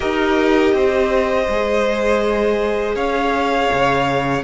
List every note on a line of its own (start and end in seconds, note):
0.00 0.73 D#4
0.00 1.45 G4
0.00 0.74 A#4
0.00 2.95 D#5
0.73 1.47 C4
0.73 2.95 C5
1.48 2.95 G#3
1.48 4.43 G#4
2.95 3.69 C#4
2.95 4.43 C#5
2.95 4.43 F5
3.72 4.43 C#3